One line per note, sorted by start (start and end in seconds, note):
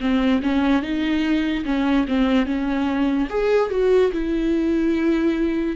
0.00 0.41 C4
0.42 0.82 C#4
0.82 1.64 D#4
1.65 2.06 C#4
2.08 2.46 C4
2.46 3.28 C#4
3.29 3.70 G#4
3.70 4.11 F#4
4.12 5.76 E4